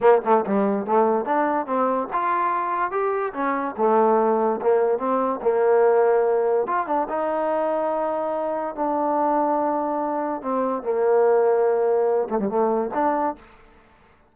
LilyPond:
\new Staff \with { instrumentName = "trombone" } { \time 4/4 \tempo 4 = 144 ais8 a8 g4 a4 d'4 | c'4 f'2 g'4 | cis'4 a2 ais4 | c'4 ais2. |
f'8 d'8 dis'2.~ | dis'4 d'2.~ | d'4 c'4 ais2~ | ais4. a16 g16 a4 d'4 | }